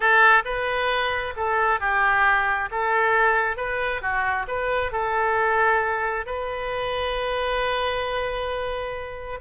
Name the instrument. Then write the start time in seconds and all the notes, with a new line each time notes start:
oboe
0.00 A4
0.44 B4
1.36 A4
1.80 G4
2.71 A4
3.56 B4
4.01 F#4
4.47 B4
4.92 A4
6.26 B4